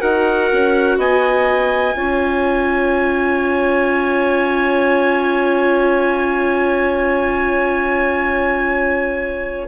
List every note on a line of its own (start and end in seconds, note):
0.00 0.51 D#4
0.00 1.94 F#4
0.00 0.97 A#4
0.00 0.98 F#5
0.52 0.97 C#4
0.97 1.94 B3
0.97 1.95 D#5
0.97 9.68 G#5
1.95 9.68 C#4
1.95 9.68 F4
1.95 9.68 C#5